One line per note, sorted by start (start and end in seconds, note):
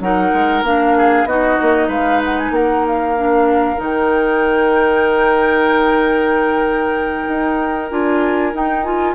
0.00 0.32 F#3
0.00 0.65 D#4
0.00 0.97 A#4
0.00 0.64 F#5
0.33 0.62 G#3
0.62 1.25 A#3
0.62 1.28 D4
0.62 1.27 F5
0.97 1.28 G#4
1.25 1.56 B3
1.25 3.17 D#4
1.25 1.88 F#4
1.25 1.90 D#5
1.62 1.88 A#3
1.88 2.50 G#3
1.88 2.51 B4
1.88 2.22 F5
2.24 2.38 F#5
2.38 2.54 G#5
2.50 3.77 A#3
2.50 9.15 A#4
2.50 2.86 F#5
2.87 3.82 F5
3.17 3.77 D4
3.77 7.27 D#3
3.77 7.87 D#4
3.83 7.91 G5
7.28 7.91 D#4
7.91 8.54 D4
7.91 8.53 F4
7.91 8.54 G#5
8.53 8.84 D#4
8.53 9.15 D#4
8.53 8.83 G5
8.83 9.15 F4
8.83 9.15 G#5